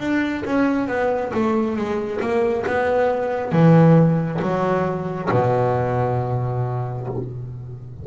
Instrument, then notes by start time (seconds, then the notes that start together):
double bass
0.00 D4
0.45 C#4
0.88 B3
1.34 A3
1.77 G#3
2.21 A#3
2.67 B3
3.52 E3
4.42 F#3
5.31 B2